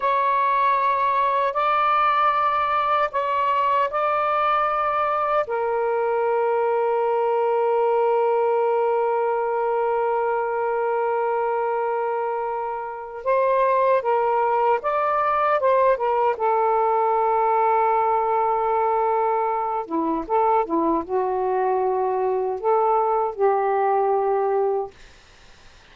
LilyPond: \new Staff \with { instrumentName = "saxophone" } { \time 4/4 \tempo 4 = 77 cis''2 d''2 | cis''4 d''2 ais'4~ | ais'1~ | ais'1~ |
ais'4 c''4 ais'4 d''4 | c''8 ais'8 a'2.~ | a'4. e'8 a'8 e'8 fis'4~ | fis'4 a'4 g'2 | }